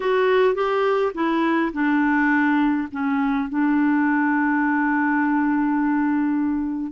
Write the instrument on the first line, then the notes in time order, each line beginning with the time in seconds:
clarinet
0.00 F#4
0.54 G4
1.14 E4
1.72 D4
2.91 C#4
3.49 D4